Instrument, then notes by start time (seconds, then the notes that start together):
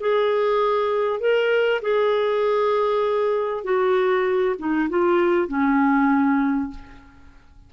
clarinet
0.00 G#4
1.20 A#4
1.81 G#4
3.63 F#4
4.58 D#4
4.89 F4
5.48 C#4